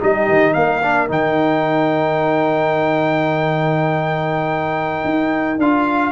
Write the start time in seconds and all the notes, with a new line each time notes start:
0.00 G3 D#4 G4 D#5
0.29 D#3
0.54 A#3 A#4 F5
0.83 D4
1.09 D#3 D#4 G5
5.05 D#4
5.59 D4 F4 F5